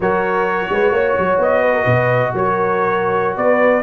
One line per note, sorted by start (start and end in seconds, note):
0.00 0.68 F#3
0.00 3.83 F#4
0.00 0.70 A#4
0.00 1.40 C#5
0.69 0.91 G#3
0.69 0.93 B4
0.91 1.14 A#3
0.91 1.62 C#5
1.18 1.38 F#3
1.38 1.85 B3
1.38 2.35 D#5
1.62 1.73 B4
1.73 1.84 A#4
1.84 2.32 B2
1.84 2.31 B4
2.33 3.36 F#3
2.33 3.38 A#4
2.33 3.36 C#5
3.36 3.83 B3
3.36 3.83 B4
3.36 3.83 D5